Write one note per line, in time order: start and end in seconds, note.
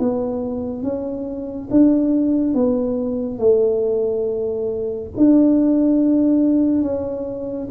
0.00 0.83 B3
0.83 1.69 C#4
1.71 2.55 D4
2.55 3.39 B3
3.39 5.10 A3
5.18 6.83 D4
6.83 7.68 C#4